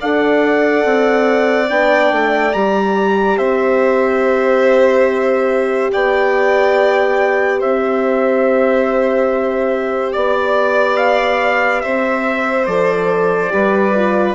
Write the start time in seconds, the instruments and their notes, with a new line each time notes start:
0.00 bassoon D4, horn A4, violin D5, trumpet F#5
0.85 bassoon C4
1.68 bassoon B3, horn D4, trumpet G5
2.12 bassoon A3
2.53 bassoon G3, horn G4, trumpet A#5
3.37 bassoon C4, violin C5, trumpet E5
5.92 bassoon B3, violin D5, trumpet G5
7.60 bassoon C4, violin C5, trumpet E5
10.12 bassoon B3, trumpet D5, violin D5
10.96 trumpet F5
11.81 bassoon C4, violin C5, trumpet E5
12.66 bassoon F3, horn A4, trumpet D5
13.50 bassoon G3, horn G4, violin B4
13.95 horn F4